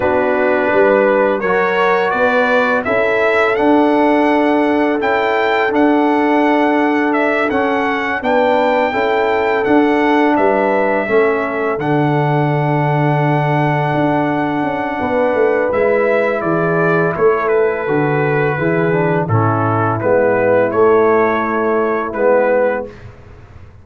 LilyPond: <<
  \new Staff \with { instrumentName = "trumpet" } { \time 4/4 \tempo 4 = 84 b'2 cis''4 d''4 | e''4 fis''2 g''4 | fis''2 e''8 fis''4 g''8~ | g''4. fis''4 e''4.~ |
e''8 fis''2.~ fis''8~ | fis''2 e''4 d''4 | cis''8 b'2~ b'8 a'4 | b'4 cis''2 b'4 | }
  \new Staff \with { instrumentName = "horn" } { \time 4/4 fis'4 b'4 ais'4 b'4 | a'1~ | a'2.~ a'8 b'8~ | b'8 a'2 b'4 a'8~ |
a'1~ | a'4 b'2 gis'4 | a'2 gis'4 e'4~ | e'1 | }
  \new Staff \with { instrumentName = "trombone" } { \time 4/4 d'2 fis'2 | e'4 d'2 e'4 | d'2~ d'8 cis'4 d'8~ | d'8 e'4 d'2 cis'8~ |
cis'8 d'2.~ d'8~ | d'2 e'2~ | e'4 fis'4 e'8 d'8 cis'4 | b4 a2 b4 | }
  \new Staff \with { instrumentName = "tuba" } { \time 4/4 b4 g4 fis4 b4 | cis'4 d'2 cis'4 | d'2~ d'8 cis'4 b8~ | b8 cis'4 d'4 g4 a8~ |
a8 d2. d'8~ | d'8 cis'8 b8 a8 gis4 e4 | a4 d4 e4 a,4 | gis4 a2 gis4 | }
>>